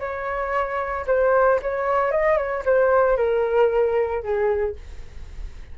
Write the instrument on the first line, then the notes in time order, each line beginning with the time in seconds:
flute
0.00 C#5
1.07 C5
1.62 C#5
2.11 D#5
2.37 C#5
2.65 C5
3.17 A#4
4.23 G#4